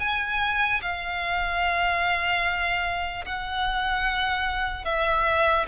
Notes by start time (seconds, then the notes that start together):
0.00 G#5
0.82 F5
3.25 F#5
4.85 E5